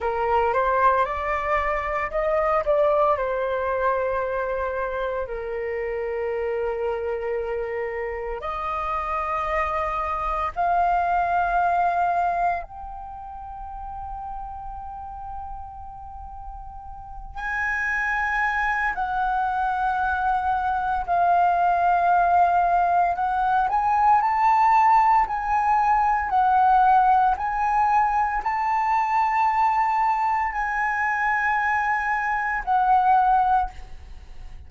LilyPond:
\new Staff \with { instrumentName = "flute" } { \time 4/4 \tempo 4 = 57 ais'8 c''8 d''4 dis''8 d''8 c''4~ | c''4 ais'2. | dis''2 f''2 | g''1~ |
g''8 gis''4. fis''2 | f''2 fis''8 gis''8 a''4 | gis''4 fis''4 gis''4 a''4~ | a''4 gis''2 fis''4 | }